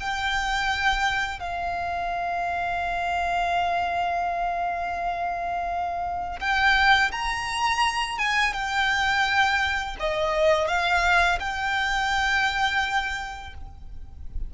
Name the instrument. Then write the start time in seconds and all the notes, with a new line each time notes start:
violin
0.00 G5
1.39 F5
6.40 G5
7.11 A#5
8.18 G#5
8.53 G5
9.99 D#5
10.67 F5
11.39 G5